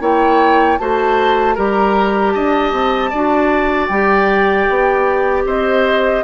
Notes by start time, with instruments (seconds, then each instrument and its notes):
0.00 bassoon A#3, clarinet E4, oboe C#5, flute G5
0.78 bassoon A3, clarinet F#4, oboe C5, flute A5
1.55 bassoon G3, clarinet G4, oboe A#4, flute A#5
2.31 bassoon D4, oboe D#5, flute A5
2.72 bassoon C4
3.10 bassoon D4, clarinet F#4, oboe D5
3.87 bassoon G3, clarinet G4, flute G5
4.69 bassoon B3
5.45 bassoon C4, oboe C5, flute D#5